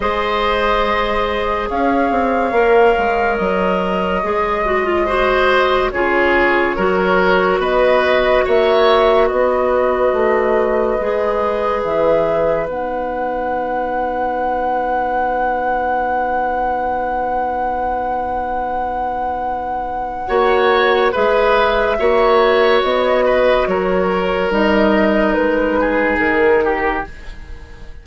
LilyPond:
<<
  \new Staff \with { instrumentName = "flute" } { \time 4/4 \tempo 4 = 71 dis''2 f''2 | dis''2. cis''4~ | cis''4 dis''4 e''4 dis''4~ | dis''2 e''4 fis''4~ |
fis''1~ | fis''1~ | fis''4 e''2 dis''4 | cis''4 dis''4 b'4 ais'4 | }
  \new Staff \with { instrumentName = "oboe" } { \time 4/4 c''2 cis''2~ | cis''2 c''4 gis'4 | ais'4 b'4 cis''4 b'4~ | b'1~ |
b'1~ | b'1 | cis''4 b'4 cis''4. b'8 | ais'2~ ais'8 gis'4 g'8 | }
  \new Staff \with { instrumentName = "clarinet" } { \time 4/4 gis'2. ais'4~ | ais'4 gis'8 fis'16 f'16 fis'4 f'4 | fis'1~ | fis'4 gis'2 dis'4~ |
dis'1~ | dis'1 | fis'4 gis'4 fis'2~ | fis'4 dis'2. | }
  \new Staff \with { instrumentName = "bassoon" } { \time 4/4 gis2 cis'8 c'8 ais8 gis8 | fis4 gis2 cis4 | fis4 b4 ais4 b4 | a4 gis4 e4 b4~ |
b1~ | b1 | ais4 gis4 ais4 b4 | fis4 g4 gis4 dis4 | }
>>